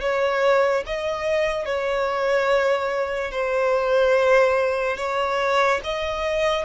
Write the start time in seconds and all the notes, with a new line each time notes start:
0.00 C#5
0.86 D#5
1.65 C#5
3.31 C5
4.97 C#5
5.83 D#5